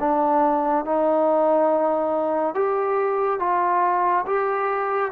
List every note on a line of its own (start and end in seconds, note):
0.00 0.85 D4
0.85 2.55 D#4
2.55 3.39 G4
3.39 4.25 F4
4.26 5.12 G4